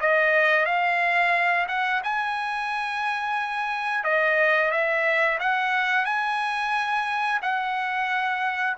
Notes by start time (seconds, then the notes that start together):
0.00 D#5
0.65 F5
1.68 F#5
2.03 G#5
4.04 D#5
4.71 E5
5.39 F#5
6.05 G#5
7.42 F#5